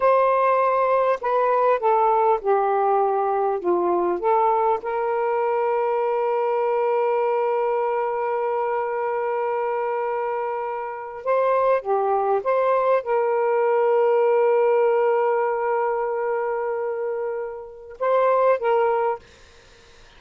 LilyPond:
\new Staff \with { instrumentName = "saxophone" } { \time 4/4 \tempo 4 = 100 c''2 b'4 a'4 | g'2 f'4 a'4 | ais'1~ | ais'1~ |
ais'2~ ais'8. c''4 g'16~ | g'8. c''4 ais'2~ ais'16~ | ais'1~ | ais'2 c''4 ais'4 | }